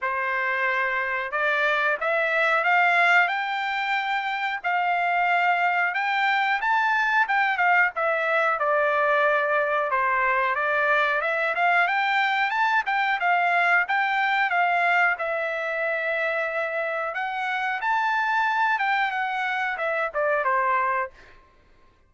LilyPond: \new Staff \with { instrumentName = "trumpet" } { \time 4/4 \tempo 4 = 91 c''2 d''4 e''4 | f''4 g''2 f''4~ | f''4 g''4 a''4 g''8 f''8 | e''4 d''2 c''4 |
d''4 e''8 f''8 g''4 a''8 g''8 | f''4 g''4 f''4 e''4~ | e''2 fis''4 a''4~ | a''8 g''8 fis''4 e''8 d''8 c''4 | }